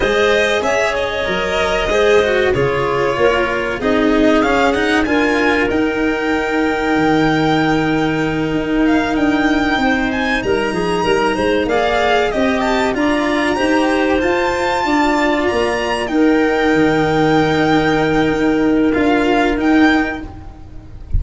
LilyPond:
<<
  \new Staff \with { instrumentName = "violin" } { \time 4/4 \tempo 4 = 95 dis''4 e''8 dis''2~ dis''8 | cis''2 dis''4 f''8 fis''8 | gis''4 g''2.~ | g''2 f''8 g''4. |
gis''8 ais''2 f''4 dis''8 | a''8 ais''2 a''4.~ | a''8 ais''4 g''2~ g''8~ | g''2 f''4 g''4 | }
  \new Staff \with { instrumentName = "clarinet" } { \time 4/4 c''4 cis''2 c''4 | gis'4 ais'4 gis'2 | ais'1~ | ais'2.~ ais'8 c''8~ |
c''8 ais'8 gis'8 ais'8 c''8 d''4 dis''8~ | dis''8 d''4 c''2 d''8~ | d''4. ais'2~ ais'8~ | ais'1 | }
  \new Staff \with { instrumentName = "cello" } { \time 4/4 gis'2 ais'4 gis'8 fis'8 | f'2 dis'4 cis'8 dis'8 | f'4 dis'2.~ | dis'1~ |
dis'2~ dis'8 gis'4 g'8~ | g'8 f'4 g'4 f'4.~ | f'4. dis'2~ dis'8~ | dis'2 f'4 dis'4 | }
  \new Staff \with { instrumentName = "tuba" } { \time 4/4 gis4 cis'4 fis4 gis4 | cis4 ais4 c'4 cis'4 | d'4 dis'2 dis4~ | dis4. dis'4 d'4 c'8~ |
c'8 g8 f8 g8 gis8 ais4 c'8~ | c'8 d'4 dis'4 f'4 d'8~ | d'8 ais4 dis'4 dis4.~ | dis4 dis'4 d'4 dis'4 | }
>>